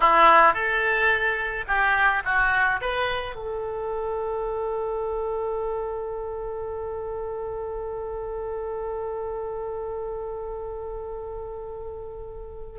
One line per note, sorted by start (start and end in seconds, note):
0.00 0.53 E4
0.53 1.64 A4
1.67 2.22 G4
2.24 2.80 F#4
2.81 3.35 B4
3.35 12.79 A4